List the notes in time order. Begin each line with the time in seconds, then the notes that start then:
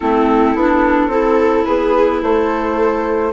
0.00 A3 C4 E4 A4
0.54 B3 D4
1.07 C4 E4 A4
1.64 B3 G#4 B4
2.22 A3 A4 C5